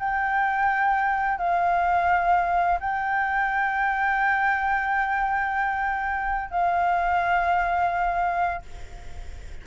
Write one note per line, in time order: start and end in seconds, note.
0.00 1.39 G5
1.39 2.80 F5
2.80 6.51 G5
6.51 8.63 F5